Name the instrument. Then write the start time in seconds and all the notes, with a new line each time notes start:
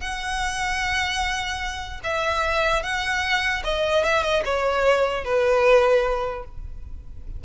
violin
0.00 F#5
2.03 E5
2.82 F#5
3.63 D#5
4.03 E5
4.22 D#5
4.45 C#5
5.24 B4